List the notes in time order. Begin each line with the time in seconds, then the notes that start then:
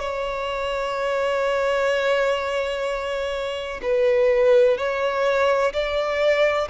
0.00 C#5
3.82 B4
4.77 C#5
5.73 D5